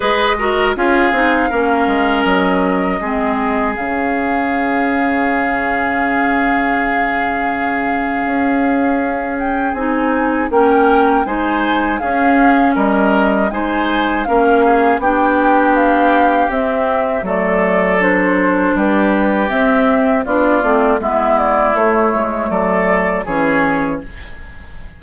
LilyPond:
<<
  \new Staff \with { instrumentName = "flute" } { \time 4/4 \tempo 4 = 80 dis''4 f''2 dis''4~ | dis''4 f''2.~ | f''1~ | f''8 g''8 gis''4 g''4 gis''4 |
f''4 dis''4 gis''4 f''4 | g''4 f''4 e''4 d''4 | c''4 b'4 e''4 d''4 | e''8 d''8 cis''4 d''4 cis''4 | }
  \new Staff \with { instrumentName = "oboe" } { \time 4/4 b'8 ais'8 gis'4 ais'2 | gis'1~ | gis'1~ | gis'2 ais'4 c''4 |
gis'4 ais'4 c''4 ais'8 gis'8 | g'2. a'4~ | a'4 g'2 f'4 | e'2 a'4 gis'4 | }
  \new Staff \with { instrumentName = "clarinet" } { \time 4/4 gis'8 fis'8 f'8 dis'8 cis'2 | c'4 cis'2.~ | cis'1~ | cis'4 dis'4 cis'4 dis'4 |
cis'2 dis'4 cis'4 | d'2 c'4 a4 | d'2 c'4 d'8 c'8 | b4 a2 cis'4 | }
  \new Staff \with { instrumentName = "bassoon" } { \time 4/4 gis4 cis'8 c'8 ais8 gis8 fis4 | gis4 cis2.~ | cis2. cis'4~ | cis'4 c'4 ais4 gis4 |
cis'4 g4 gis4 ais4 | b2 c'4 fis4~ | fis4 g4 c'4 b8 a8 | gis4 a8 gis8 fis4 e4 | }
>>